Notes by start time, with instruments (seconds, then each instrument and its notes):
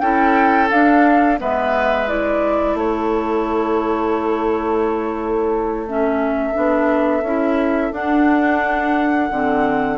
0.00 bassoon C#4, clarinet E4, oboe A4, flute G5
0.70 clarinet D4, bassoon D4, flute F5
1.37 bassoon G#3, clarinet B3, oboe B4, flute E5
2.07 clarinet E4, flute D5
2.74 bassoon A3, oboe A4, flute C#5
5.87 clarinet C#4, flute E5
6.53 bassoon B3, clarinet D4
7.22 bassoon C#4, clarinet E4
7.92 bassoon D4, clarinet D4, flute F#5
9.30 bassoon D3, clarinet C4